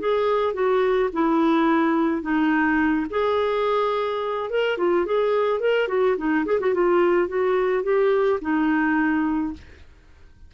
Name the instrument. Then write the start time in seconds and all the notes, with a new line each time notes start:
clarinet
0.00 G#4
0.54 F#4
1.13 E4
2.23 D#4
3.10 G#4
4.50 A#4
4.78 F4
5.06 G#4
5.60 A#4
5.89 F#4
6.18 D#4
6.46 G#4
6.60 F#4
6.74 F4
7.28 F#4
7.84 G4
8.42 D#4